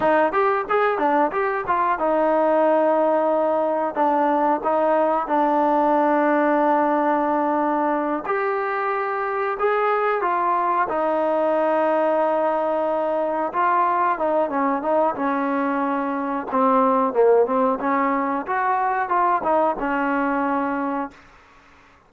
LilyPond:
\new Staff \with { instrumentName = "trombone" } { \time 4/4 \tempo 4 = 91 dis'8 g'8 gis'8 d'8 g'8 f'8 dis'4~ | dis'2 d'4 dis'4 | d'1~ | d'8 g'2 gis'4 f'8~ |
f'8 dis'2.~ dis'8~ | dis'8 f'4 dis'8 cis'8 dis'8 cis'4~ | cis'4 c'4 ais8 c'8 cis'4 | fis'4 f'8 dis'8 cis'2 | }